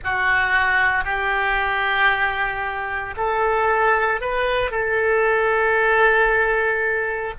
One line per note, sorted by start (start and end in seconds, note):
0.03 1.04 F#4
1.04 3.14 G4
3.16 4.21 A4
4.21 4.70 B4
4.70 7.33 A4